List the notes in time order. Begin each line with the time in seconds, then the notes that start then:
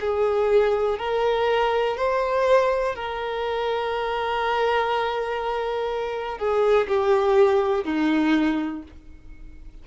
0.00 G#4
0.98 A#4
1.97 C5
2.96 A#4
6.38 G#4
6.88 G4
7.84 D#4